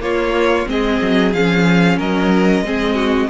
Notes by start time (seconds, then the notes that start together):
0.00 A#3 F4 C#5
0.66 G#3 C4 G#4 D#5
1.01 F#3
1.33 F3 C#4 F5
1.98 F#3 A#4 D#5
2.62 G#3 C4 G#4
2.95 F#4